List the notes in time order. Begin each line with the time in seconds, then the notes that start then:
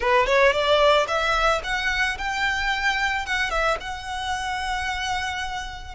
0.00 B4
0.26 C#5
0.52 D5
1.07 E5
1.63 F#5
2.18 G5
3.26 F#5
3.50 E5
3.80 F#5